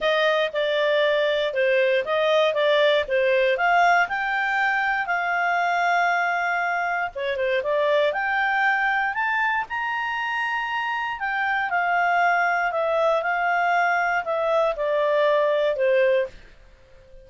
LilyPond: \new Staff \with { instrumentName = "clarinet" } { \time 4/4 \tempo 4 = 118 dis''4 d''2 c''4 | dis''4 d''4 c''4 f''4 | g''2 f''2~ | f''2 cis''8 c''8 d''4 |
g''2 a''4 ais''4~ | ais''2 g''4 f''4~ | f''4 e''4 f''2 | e''4 d''2 c''4 | }